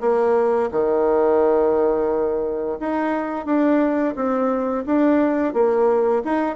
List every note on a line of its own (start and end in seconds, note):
0.00 0.69 A#3
0.71 2.78 D#3
2.79 3.45 D#4
3.45 4.14 D4
4.15 4.84 C4
4.86 5.53 D4
5.53 6.22 A#3
6.24 6.55 D#4